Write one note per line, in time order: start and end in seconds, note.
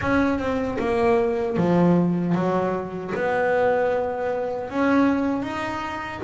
0.01 0.38 C#4
0.38 0.77 C4
0.78 1.56 A#3
1.57 2.34 F3
2.34 3.12 F#3
3.14 4.70 B3
4.70 5.42 C#4
5.42 6.20 D#4